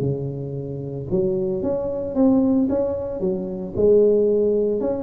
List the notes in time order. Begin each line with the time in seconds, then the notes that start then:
0.00 C#3
1.10 F#3
1.62 C#4
2.15 C4
2.69 C#4
3.20 F#3
3.76 G#3
4.80 C#4